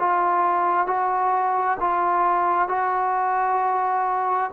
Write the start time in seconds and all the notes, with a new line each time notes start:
0.00 F4
0.87 F#4
1.81 F4
2.69 F#4